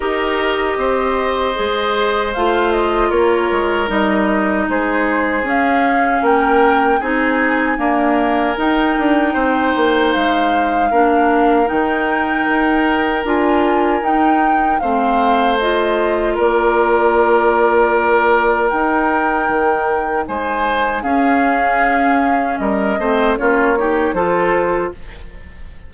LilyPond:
<<
  \new Staff \with { instrumentName = "flute" } { \time 4/4 \tempo 4 = 77 dis''2. f''8 dis''8 | cis''4 dis''4 c''4 f''4 | g''4 gis''2 g''4~ | g''4 f''2 g''4~ |
g''4 gis''4 g''4 f''4 | dis''4 d''2. | g''2 gis''4 f''4~ | f''4 dis''4 cis''4 c''4 | }
  \new Staff \with { instrumentName = "oboe" } { \time 4/4 ais'4 c''2. | ais'2 gis'2 | ais'4 gis'4 ais'2 | c''2 ais'2~ |
ais'2. c''4~ | c''4 ais'2.~ | ais'2 c''4 gis'4~ | gis'4 ais'8 c''8 f'8 g'8 a'4 | }
  \new Staff \with { instrumentName = "clarinet" } { \time 4/4 g'2 gis'4 f'4~ | f'4 dis'2 cis'4~ | cis'4 dis'4 ais4 dis'4~ | dis'2 d'4 dis'4~ |
dis'4 f'4 dis'4 c'4 | f'1 | dis'2. cis'4~ | cis'4. c'8 cis'8 dis'8 f'4 | }
  \new Staff \with { instrumentName = "bassoon" } { \time 4/4 dis'4 c'4 gis4 a4 | ais8 gis8 g4 gis4 cis'4 | ais4 c'4 d'4 dis'8 d'8 | c'8 ais8 gis4 ais4 dis4 |
dis'4 d'4 dis'4 a4~ | a4 ais2. | dis'4 dis4 gis4 cis'4~ | cis'4 g8 a8 ais4 f4 | }
>>